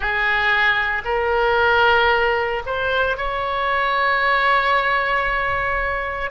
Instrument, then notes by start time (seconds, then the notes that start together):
oboe
0.00 G#4
1.04 A#4
2.66 C5
3.17 C#5